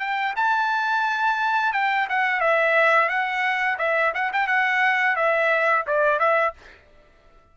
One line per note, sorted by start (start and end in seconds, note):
0.00 0.34 G5
0.36 1.73 A5
1.73 2.08 G5
2.09 2.41 F#5
2.41 3.09 E5
3.09 3.78 F#5
3.78 4.13 E5
4.15 4.32 F#5
4.33 4.47 G5
4.47 5.16 F#5
5.16 5.85 E5
5.87 6.19 D5
6.19 6.54 E5